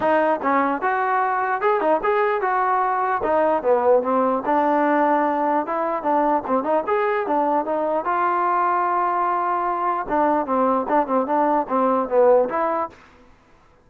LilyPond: \new Staff \with { instrumentName = "trombone" } { \time 4/4 \tempo 4 = 149 dis'4 cis'4 fis'2 | gis'8 dis'8 gis'4 fis'2 | dis'4 b4 c'4 d'4~ | d'2 e'4 d'4 |
c'8 dis'8 gis'4 d'4 dis'4 | f'1~ | f'4 d'4 c'4 d'8 c'8 | d'4 c'4 b4 e'4 | }